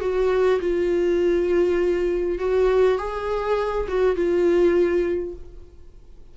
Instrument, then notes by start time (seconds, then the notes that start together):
viola
0.00 F#4
0.60 F4
2.38 F#4
2.98 G#4
3.88 F#4
4.15 F4